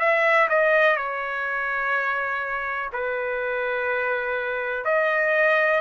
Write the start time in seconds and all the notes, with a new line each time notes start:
0.00 E5
0.50 D#5
0.97 C#5
2.93 B4
4.85 D#5